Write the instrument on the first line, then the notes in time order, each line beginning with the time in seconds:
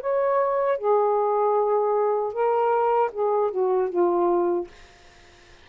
saxophone
0.00 C#5
0.78 G#4
2.32 A#4
3.12 G#4
3.51 F#4
3.89 F4